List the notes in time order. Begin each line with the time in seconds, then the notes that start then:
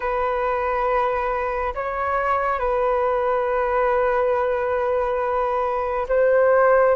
0.00 B4
1.74 C#5
2.59 B4
6.08 C5